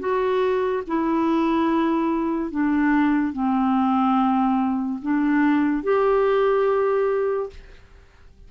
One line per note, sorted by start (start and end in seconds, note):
0.00 0.83 F#4
0.87 2.51 E4
2.51 3.33 D4
3.33 5.00 C4
5.03 5.83 D4
5.83 7.50 G4